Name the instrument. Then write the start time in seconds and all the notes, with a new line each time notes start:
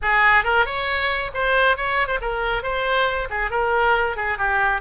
oboe
0.01 G#4
0.44 A#4
0.65 C#5
1.34 C5
1.76 C#5
2.07 C5
2.21 A#4
2.62 C5
3.30 G#4
3.50 A#4
4.16 G#4
4.37 G4